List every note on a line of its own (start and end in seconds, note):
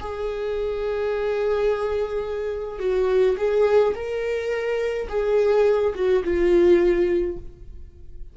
0.00 2.79 G#4
2.79 3.36 F#4
3.37 3.94 G#4
3.95 5.08 A#4
5.08 5.93 G#4
5.94 6.23 F#4
6.24 7.37 F4